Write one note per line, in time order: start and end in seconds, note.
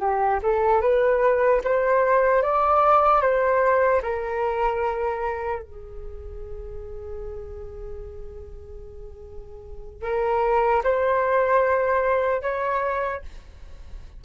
0.00 0.40 G4
0.43 0.81 A4
0.81 1.61 B4
1.64 2.42 C5
2.42 3.21 D5
3.21 4.01 C5
4.02 5.62 A#4
5.62 10.02 G#4
10.02 10.82 A#4
10.84 12.42 C5
12.42 13.22 C#5